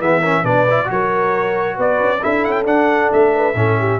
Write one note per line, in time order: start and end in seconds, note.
0.00 0.44 E3
0.00 0.22 B3
0.00 0.21 G#4
0.00 0.45 E5
0.21 0.45 C#4
0.21 0.43 A#4
0.44 0.89 B2
0.44 0.67 D4
0.44 0.88 B4
0.44 0.90 D5
0.71 0.85 E4
0.85 1.78 F#3
0.85 2.19 F#4
0.85 1.80 C#5
0.92 1.77 A#4
1.77 2.00 B3
1.77 2.22 B4
1.77 2.24 D5
2.00 2.23 C#4
2.22 2.47 D4
2.22 2.66 E4
2.22 3.34 A4
2.22 2.45 E5
2.45 2.66 C#4
2.45 2.52 F#5
2.52 2.63 G5
2.66 3.54 D4
2.66 3.11 D4
2.66 3.11 F#5
3.13 3.55 A3
3.13 4.00 E5
3.35 3.57 B4
3.55 3.99 A2
3.55 4.00 C#4
3.55 3.79 A4
3.79 4.00 G4